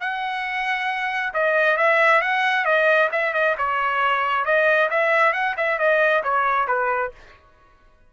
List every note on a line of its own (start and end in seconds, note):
0.00 1.33 F#5
1.34 1.77 D#5
1.77 2.21 E5
2.21 2.65 F#5
2.65 3.09 D#5
3.12 3.33 E5
3.33 3.55 D#5
3.57 4.45 C#5
4.45 4.89 D#5
4.90 5.33 E5
5.33 5.55 F#5
5.57 5.78 E5
5.78 6.23 D#5
6.23 6.67 C#5
6.67 7.12 B4